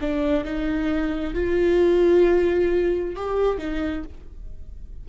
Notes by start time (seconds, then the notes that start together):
0.00 D4
0.44 D#4
1.34 F4
3.15 G4
3.58 D#4